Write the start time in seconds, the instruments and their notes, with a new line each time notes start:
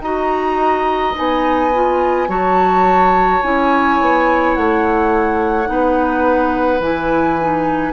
0.00 bassoon D#4, clarinet F#4, oboe D#5, flute A#5
1.14 bassoon B3, clarinet D#4, flute G#5
1.73 clarinet F4
2.28 bassoon F#3, clarinet F#4, oboe C#5, flute A5
3.42 bassoon C#4, clarinet E4, flute G#5
4.00 bassoon B3
4.55 bassoon A3, flute F#5
5.65 bassoon B3, clarinet D#4
5.71 oboe B4
6.80 bassoon E3, clarinet E4, flute G#5
7.41 clarinet D#4